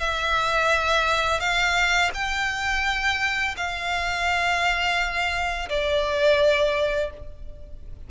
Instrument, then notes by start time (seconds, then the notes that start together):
violin
0.00 E5
1.40 F5
2.14 G5
3.57 F5
5.69 D5